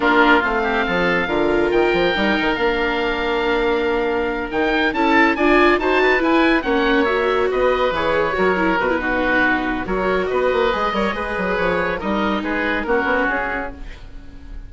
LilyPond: <<
  \new Staff \with { instrumentName = "oboe" } { \time 4/4 \tempo 4 = 140 ais'4 f''2. | g''2 f''2~ | f''2~ f''8 g''4 a''8~ | a''8 gis''4 a''4 gis''4 fis''8~ |
fis''8 e''4 dis''4 cis''4.~ | cis''8 b'2~ b'8 cis''4 | dis''2. cis''4 | dis''4 b'4 ais'4 gis'4 | }
  \new Staff \with { instrumentName = "oboe" } { \time 4/4 f'4. g'8 a'4 ais'4~ | ais'1~ | ais'2.~ ais'8 a'8~ | a'8 d''4 c''8 b'4. cis''8~ |
cis''4. b'2 ais'8~ | ais'4 fis'2 ais'4 | b'4. cis''8 b'2 | ais'4 gis'4 fis'2 | }
  \new Staff \with { instrumentName = "viola" } { \time 4/4 d'4 c'2 f'4~ | f'4 dis'4 d'2~ | d'2~ d'8 dis'4 e'8~ | e'8 f'4 fis'4 e'4 cis'8~ |
cis'8 fis'2 gis'4 fis'8 | e'8 fis'16 e'16 dis'2 fis'4~ | fis'4 gis'8 ais'8 gis'2 | dis'2 cis'2 | }
  \new Staff \with { instrumentName = "bassoon" } { \time 4/4 ais4 a4 f4 d4 | dis8 f8 g8 dis8 ais2~ | ais2~ ais8 dis4 cis'8~ | cis'8 d'4 dis'4 e'4 ais8~ |
ais4. b4 e4 fis8~ | fis8 b,2~ b,8 fis4 | b8 ais8 gis8 g8 gis8 fis8 f4 | g4 gis4 ais8 b8 cis'4 | }
>>